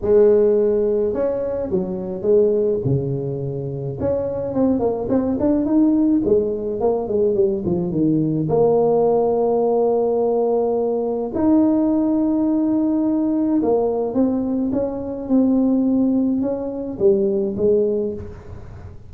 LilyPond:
\new Staff \with { instrumentName = "tuba" } { \time 4/4 \tempo 4 = 106 gis2 cis'4 fis4 | gis4 cis2 cis'4 | c'8 ais8 c'8 d'8 dis'4 gis4 | ais8 gis8 g8 f8 dis4 ais4~ |
ais1 | dis'1 | ais4 c'4 cis'4 c'4~ | c'4 cis'4 g4 gis4 | }